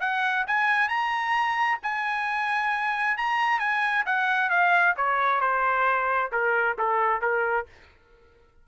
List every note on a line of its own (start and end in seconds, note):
0.00 0.45 F#5
0.47 0.89 G#5
0.89 1.79 A#5
1.83 3.17 G#5
3.17 3.59 A#5
3.59 4.04 G#5
4.06 4.50 F#5
4.50 4.95 F5
4.96 5.41 C#5
5.41 6.31 C5
6.32 6.77 A#4
6.78 7.21 A4
7.21 7.66 A#4